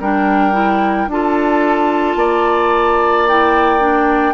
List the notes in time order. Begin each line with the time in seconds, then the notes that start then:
0.00 G3 D4 A#4 G5
0.53 E4
1.07 D4 F4 A4 A5
2.16 A#3 D5
3.29 E4 G5
3.80 D4